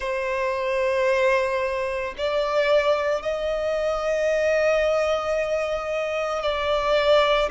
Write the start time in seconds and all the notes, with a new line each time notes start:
0.00 C5
2.17 D5
3.22 D#5
6.42 D5